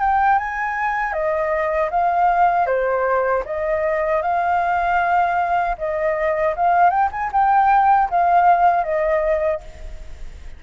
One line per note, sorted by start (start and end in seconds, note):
0.00 0.38 G5
0.38 1.13 G#5
1.13 1.90 D#5
1.91 2.66 F5
2.66 3.43 C5
3.45 4.22 D#5
4.22 5.76 F5
5.78 6.55 D#5
6.56 6.90 F5
6.90 7.09 G5
7.12 7.31 G#5
7.32 8.09 G5
8.10 8.84 F5
8.84 9.60 D#5